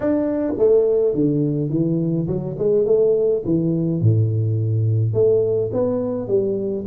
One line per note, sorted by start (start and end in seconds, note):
0.00 0.53 D4
0.57 1.14 A3
1.14 1.69 D3
1.69 2.26 E3
2.27 2.56 F#3
2.58 2.85 G#3
2.85 3.42 A3
3.45 4.01 E3
4.01 5.13 A2
5.13 5.70 A3
5.72 6.27 B3
6.27 6.84 G3